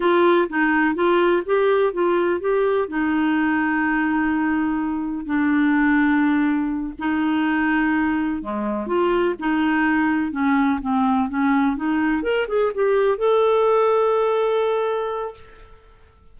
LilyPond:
\new Staff \with { instrumentName = "clarinet" } { \time 4/4 \tempo 4 = 125 f'4 dis'4 f'4 g'4 | f'4 g'4 dis'2~ | dis'2. d'4~ | d'2~ d'8 dis'4.~ |
dis'4. gis4 f'4 dis'8~ | dis'4. cis'4 c'4 cis'8~ | cis'8 dis'4 ais'8 gis'8 g'4 a'8~ | a'1 | }